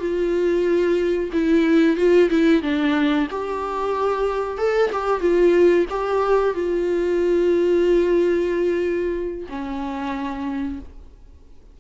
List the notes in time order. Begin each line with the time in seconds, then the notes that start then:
0.00 F4
1.33 E4
1.97 F4
2.30 E4
2.63 D4
3.31 G4
4.58 A4
4.93 G4
5.21 F4
5.90 G4
6.55 F4
9.50 C#4